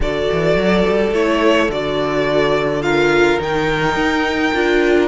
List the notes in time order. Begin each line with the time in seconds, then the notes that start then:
0.00 D3 F#4 A4 D5
0.32 E3
0.55 F#3
0.88 G3
1.11 A3 E4 C#5
1.68 D3 F#4 D5
2.81 F4 A#4 F5
3.38 D#3 D#4 G5
3.95 D#4
4.53 D4 F4